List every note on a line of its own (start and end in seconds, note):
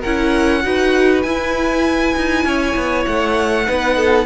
0.00 0.64 C#4
0.00 0.64 E4
0.00 0.61 A#4
0.00 1.22 F#5
0.64 1.24 D#4
0.64 1.24 F#4
0.64 2.46 B4
1.22 2.15 E4
1.22 3.66 E4
1.22 3.04 G#5
2.16 2.45 D#4
2.45 2.75 C#4
2.45 3.66 C#5
2.76 3.06 B3
3.06 3.68 A3
3.06 4.26 F#5
3.66 4.26 B3
3.66 4.26 D#4
3.66 3.96 B4
3.96 4.26 A4